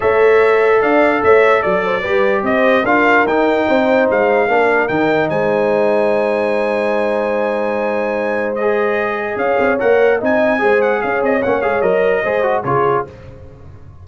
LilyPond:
<<
  \new Staff \with { instrumentName = "trumpet" } { \time 4/4 \tempo 4 = 147 e''2 f''4 e''4 | d''2 dis''4 f''4 | g''2 f''2 | g''4 gis''2.~ |
gis''1~ | gis''4 dis''2 f''4 | fis''4 gis''4. fis''8 f''8 dis''8 | fis''8 f''8 dis''2 cis''4 | }
  \new Staff \with { instrumentName = "horn" } { \time 4/4 cis''2 d''4 cis''4 | d''8 c''8 b'4 c''4 ais'4~ | ais'4 c''2 ais'4~ | ais'4 c''2.~ |
c''1~ | c''2. cis''4~ | cis''4 dis''4 c''4 cis''4~ | cis''2 c''4 gis'4 | }
  \new Staff \with { instrumentName = "trombone" } { \time 4/4 a'1~ | a'4 g'2 f'4 | dis'2. d'4 | dis'1~ |
dis'1~ | dis'4 gis'2. | ais'4 dis'4 gis'2 | cis'8 gis'8 ais'4 gis'8 fis'8 f'4 | }
  \new Staff \with { instrumentName = "tuba" } { \time 4/4 a2 d'4 a4 | fis4 g4 c'4 d'4 | dis'4 c'4 gis4 ais4 | dis4 gis2.~ |
gis1~ | gis2. cis'8 c'8 | ais4 c'4 gis4 cis'8 c'8 | ais8 gis8 fis4 gis4 cis4 | }
>>